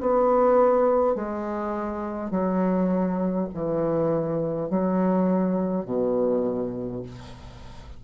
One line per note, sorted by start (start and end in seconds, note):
0.00 1.15 B3
1.15 2.30 G#3
2.30 3.48 F#3
3.54 4.70 E3
4.70 5.84 F#3
5.84 7.02 B2